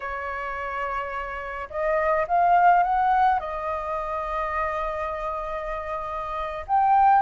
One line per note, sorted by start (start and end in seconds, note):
0.00 1.68 C#5
1.70 2.26 D#5
2.27 2.83 F5
2.83 3.39 F#5
3.39 6.65 D#5
6.67 7.22 G5